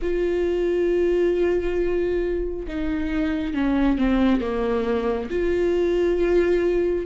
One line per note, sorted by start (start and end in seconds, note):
0.02 2.66 F4
2.67 3.53 D#4
3.53 3.97 C#4
3.97 4.40 C4
4.40 5.29 A#3
5.30 7.05 F4